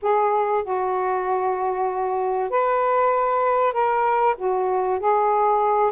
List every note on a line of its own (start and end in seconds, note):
0.02 0.64 G#4
0.64 2.50 F#4
2.50 3.72 B4
3.72 4.35 A#4
4.37 4.99 F#4
4.99 5.91 G#4